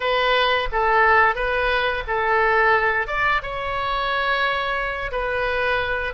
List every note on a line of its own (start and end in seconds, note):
0.00 0.68 B4
0.72 1.35 A4
1.35 2.03 B4
2.07 3.07 A4
3.07 3.41 D5
3.42 5.11 C#5
5.11 6.13 B4